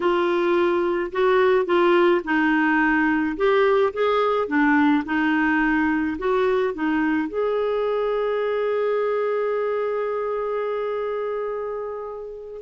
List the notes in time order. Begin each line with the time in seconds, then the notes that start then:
0.00 F4
1.12 F#4
1.65 F4
2.24 D#4
3.36 G4
3.93 G#4
4.47 D4
5.05 D#4
6.18 F#4
6.74 D#4
7.28 G#4